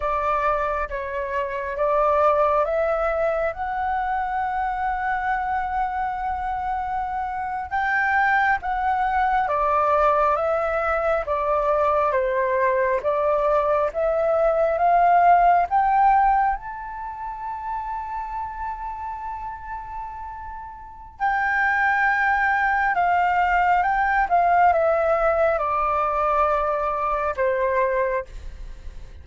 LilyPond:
\new Staff \with { instrumentName = "flute" } { \time 4/4 \tempo 4 = 68 d''4 cis''4 d''4 e''4 | fis''1~ | fis''8. g''4 fis''4 d''4 e''16~ | e''8. d''4 c''4 d''4 e''16~ |
e''8. f''4 g''4 a''4~ a''16~ | a''1 | g''2 f''4 g''8 f''8 | e''4 d''2 c''4 | }